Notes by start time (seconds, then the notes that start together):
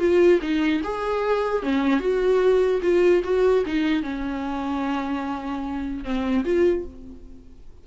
0.00 F4
0.42 D#4
0.84 G#4
1.63 C#4
2.00 F#4
2.83 F4
3.24 F#4
3.66 D#4
4.03 C#4
6.04 C4
6.45 F4